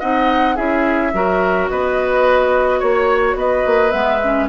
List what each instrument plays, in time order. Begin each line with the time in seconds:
0.00 bassoon C4, clarinet D#4, oboe D#5, flute F#5
0.56 bassoon C#4, clarinet E4, oboe G#4, flute E5
1.14 bassoon F#3, clarinet F#4, oboe A#4
1.69 bassoon B3, oboe B4, flute D#5
2.80 bassoon A#3, oboe C#5, flute C#5
3.35 bassoon B3, oboe B4, flute D#5
3.66 bassoon A#3
3.91 bassoon G#3, clarinet B3, flute E5
4.24 clarinet C#4